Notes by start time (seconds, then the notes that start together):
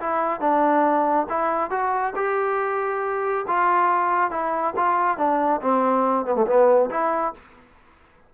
0.00 E4
0.40 D4
1.29 E4
1.71 F#4
2.16 G4
3.47 F4
4.31 E4
4.77 F4
5.18 D4
5.61 C4
6.26 B3
6.35 A3
6.47 B3
6.90 E4